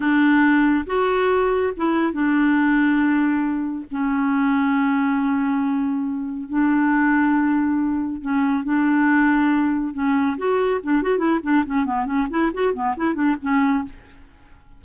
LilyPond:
\new Staff \with { instrumentName = "clarinet" } { \time 4/4 \tempo 4 = 139 d'2 fis'2 | e'4 d'2.~ | d'4 cis'2.~ | cis'2. d'4~ |
d'2. cis'4 | d'2. cis'4 | fis'4 d'8 fis'8 e'8 d'8 cis'8 b8 | cis'8 e'8 fis'8 b8 e'8 d'8 cis'4 | }